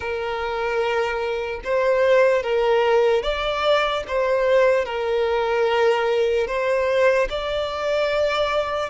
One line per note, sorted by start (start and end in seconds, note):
0.00 1.60 A#4
1.64 2.42 C5
2.42 3.22 A#4
3.22 4.03 D5
4.07 4.85 C5
4.85 6.46 A#4
6.46 7.28 C5
7.29 8.89 D5